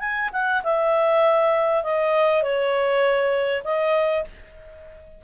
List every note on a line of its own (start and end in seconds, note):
0.00 0.30 G#5
0.33 0.63 F#5
0.64 1.84 E5
1.84 2.43 D#5
2.43 3.63 C#5
3.64 4.24 D#5